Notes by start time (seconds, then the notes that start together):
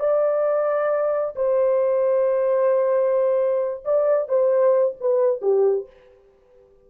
0.00 D5
1.36 C5
3.85 D5
4.29 C5
5.01 B4
5.42 G4